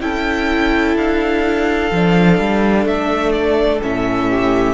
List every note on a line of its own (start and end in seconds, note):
0.00 0.95 C#4
0.00 1.91 E4
0.00 4.28 A4
0.00 0.96 G5
0.95 1.90 D4
0.95 2.87 F5
1.91 2.38 F3
1.91 3.81 D4
2.38 2.85 G3
2.85 3.81 A3
2.85 3.32 E5
3.32 3.79 D5
3.81 4.74 A2
3.81 4.74 C#4
3.81 4.74 E5
4.28 4.74 G4